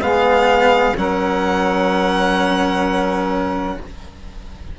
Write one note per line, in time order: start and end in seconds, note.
0.00 0.94 G#3
0.00 0.95 B3
0.00 0.96 G#4
0.00 0.96 F5
0.96 3.78 F#3
0.96 3.77 C#4
0.96 3.78 A#4
0.96 3.79 F#5